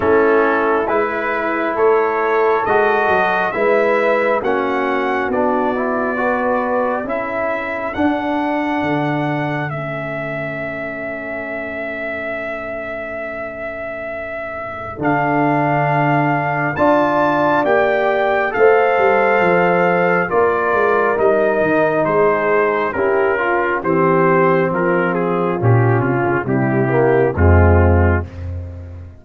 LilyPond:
<<
  \new Staff \with { instrumentName = "trumpet" } { \time 4/4 \tempo 4 = 68 a'4 b'4 cis''4 dis''4 | e''4 fis''4 d''2 | e''4 fis''2 e''4~ | e''1~ |
e''4 f''2 a''4 | g''4 f''2 d''4 | dis''4 c''4 ais'4 c''4 | ais'8 gis'8 g'8 f'8 g'4 f'4 | }
  \new Staff \with { instrumentName = "horn" } { \time 4/4 e'2 a'2 | b'4 fis'2 b'4 | a'1~ | a'1~ |
a'2. d''4~ | d''4 c''2 ais'4~ | ais'4 gis'4 g'8 f'8 g'4 | f'2 e'4 c'4 | }
  \new Staff \with { instrumentName = "trombone" } { \time 4/4 cis'4 e'2 fis'4 | e'4 cis'4 d'8 e'8 fis'4 | e'4 d'2 cis'4~ | cis'1~ |
cis'4 d'2 f'4 | g'4 a'2 f'4 | dis'2 e'8 f'8 c'4~ | c'4 cis'4 g8 ais8 gis4 | }
  \new Staff \with { instrumentName = "tuba" } { \time 4/4 a4 gis4 a4 gis8 fis8 | gis4 ais4 b2 | cis'4 d'4 d4 a4~ | a1~ |
a4 d2 d'4 | ais4 a8 g8 f4 ais8 gis8 | g8 dis8 gis4 cis'4 e4 | f4 ais,8 c16 cis16 c4 f,4 | }
>>